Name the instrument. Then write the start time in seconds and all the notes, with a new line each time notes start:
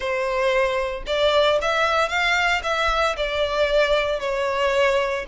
violin
0.00 C5
1.06 D5
1.61 E5
2.08 F5
2.63 E5
3.16 D5
4.20 C#5